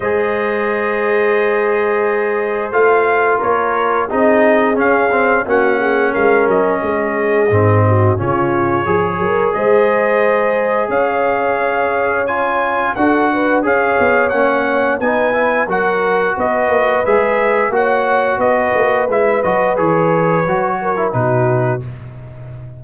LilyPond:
<<
  \new Staff \with { instrumentName = "trumpet" } { \time 4/4 \tempo 4 = 88 dis''1 | f''4 cis''4 dis''4 f''4 | fis''4 f''8 dis''2~ dis''8 | cis''2 dis''2 |
f''2 gis''4 fis''4 | f''4 fis''4 gis''4 fis''4 | dis''4 e''4 fis''4 dis''4 | e''8 dis''8 cis''2 b'4 | }
  \new Staff \with { instrumentName = "horn" } { \time 4/4 c''1~ | c''4 ais'4 gis'2 | fis'8 gis'8 ais'4 gis'4. fis'8 | f'4 gis'8 ais'8 c''2 |
cis''2. a'8 b'8 | cis''2 b'4 ais'4 | b'2 cis''4 b'4~ | b'2~ b'8 ais'8 fis'4 | }
  \new Staff \with { instrumentName = "trombone" } { \time 4/4 gis'1 | f'2 dis'4 cis'8 c'8 | cis'2. c'4 | cis'4 gis'2.~ |
gis'2 f'4 fis'4 | gis'4 cis'4 dis'8 e'8 fis'4~ | fis'4 gis'4 fis'2 | e'8 fis'8 gis'4 fis'8. e'16 dis'4 | }
  \new Staff \with { instrumentName = "tuba" } { \time 4/4 gis1 | a4 ais4 c'4 cis'4 | ais4 gis8 fis8 gis4 gis,4 | cis4 f8 fis8 gis2 |
cis'2. d'4 | cis'8 b8 ais4 b4 fis4 | b8 ais8 gis4 ais4 b8 ais8 | gis8 fis8 e4 fis4 b,4 | }
>>